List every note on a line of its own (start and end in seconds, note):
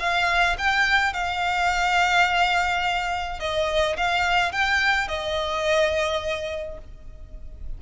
0.00 0.57 F5
0.58 1.14 G5
1.14 3.40 F5
3.40 3.97 D#5
3.97 4.52 F5
4.52 5.08 G5
5.08 6.78 D#5